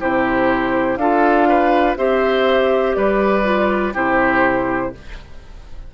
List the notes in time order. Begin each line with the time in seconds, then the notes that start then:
0.00 C3 E4 G4 C5
0.97 D4 F4 A4 F5
1.48 B4
1.97 C4 G4 C5 E5
2.95 G3 B4 D5
3.43 F4
3.93 C3 E4 G4 C5